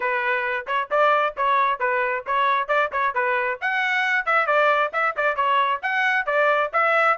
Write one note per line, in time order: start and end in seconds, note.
0.00 0.66 B4
0.66 0.89 C#5
0.90 1.35 D5
1.36 1.79 C#5
1.79 2.24 B4
2.26 2.68 C#5
2.68 2.90 D5
2.91 3.14 C#5
3.14 3.59 B4
3.61 4.25 F#5
4.25 4.46 E5
4.46 4.91 D5
4.92 5.15 E5
5.16 5.36 D5
5.36 5.80 C#5
5.82 6.26 F#5
6.26 6.70 D5
6.72 7.17 E5